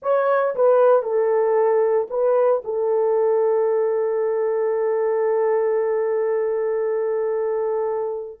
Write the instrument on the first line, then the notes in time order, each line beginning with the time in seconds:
horn
0.02 C#5
0.55 B4
1.02 A4
2.09 B4
2.64 A4